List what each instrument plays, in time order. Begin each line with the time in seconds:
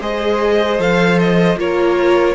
0.00 cello G#3, viola G#4, violin C5 D#5
0.78 cello F3, viola A4, violin F5
1.18 violin D#5
1.56 cello A#3, viola F4, violin A#4 C#5